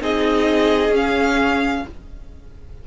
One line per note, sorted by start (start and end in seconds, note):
0.00 0.89 C4
0.00 0.91 D#4
0.00 1.83 G#4
0.00 0.94 D#5
0.89 1.80 C#4
0.89 1.85 C#4
0.96 1.87 F5